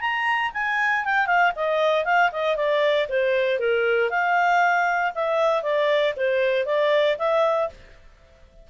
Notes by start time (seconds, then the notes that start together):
0.00 A#5
0.53 G#5
1.04 G5
1.26 F5
1.55 D#5
2.04 F5
2.32 D#5
2.55 D5
3.08 C5
3.59 A#4
4.10 F5
5.14 E5
5.62 D5
6.16 C5
6.65 D5
7.18 E5